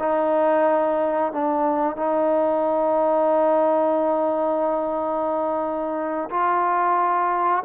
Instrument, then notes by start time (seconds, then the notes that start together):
trombone
0.00 D#4
1.33 D4
1.97 D#4
6.31 F4